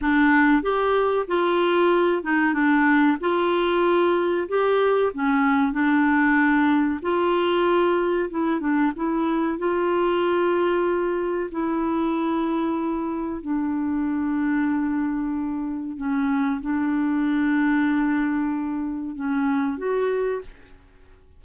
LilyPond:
\new Staff \with { instrumentName = "clarinet" } { \time 4/4 \tempo 4 = 94 d'4 g'4 f'4. dis'8 | d'4 f'2 g'4 | cis'4 d'2 f'4~ | f'4 e'8 d'8 e'4 f'4~ |
f'2 e'2~ | e'4 d'2.~ | d'4 cis'4 d'2~ | d'2 cis'4 fis'4 | }